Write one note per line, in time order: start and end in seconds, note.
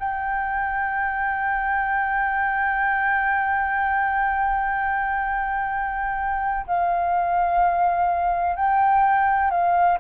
0.00 6.67 G5
6.67 8.56 F5
8.56 9.51 G5
9.51 9.99 F5